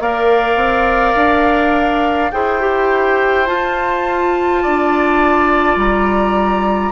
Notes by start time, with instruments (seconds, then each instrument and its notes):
0.00 bassoon A#3, clarinet A#4, oboe D5, flute F5
0.56 bassoon C4
1.15 bassoon D4
2.31 bassoon E4, clarinet G#4, oboe C5, flute G5
2.61 clarinet G4
3.47 clarinet F4, bassoon F4, flute A5
4.63 bassoon D4, oboe D5
5.76 bassoon G3, flute A#5